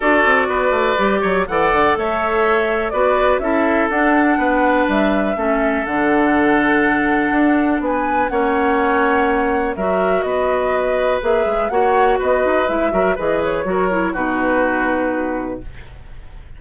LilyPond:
<<
  \new Staff \with { instrumentName = "flute" } { \time 4/4 \tempo 4 = 123 d''2. fis''4 | e''2 d''4 e''4 | fis''2 e''2 | fis''1 |
gis''4 fis''2. | e''4 dis''2 e''4 | fis''4 dis''4 e''4 dis''8 cis''8~ | cis''4 b'2. | }
  \new Staff \with { instrumentName = "oboe" } { \time 4/4 a'4 b'4. cis''8 d''4 | cis''2 b'4 a'4~ | a'4 b'2 a'4~ | a'1 |
b'4 cis''2. | ais'4 b'2. | cis''4 b'4. ais'8 b'4 | ais'4 fis'2. | }
  \new Staff \with { instrumentName = "clarinet" } { \time 4/4 fis'2 g'4 a'4~ | a'2 fis'4 e'4 | d'2. cis'4 | d'1~ |
d'4 cis'2. | fis'2. gis'4 | fis'2 e'8 fis'8 gis'4 | fis'8 e'8 dis'2. | }
  \new Staff \with { instrumentName = "bassoon" } { \time 4/4 d'8 c'8 b8 a8 g8 fis8 e8 d8 | a2 b4 cis'4 | d'4 b4 g4 a4 | d2. d'4 |
b4 ais2. | fis4 b2 ais8 gis8 | ais4 b8 dis'8 gis8 fis8 e4 | fis4 b,2. | }
>>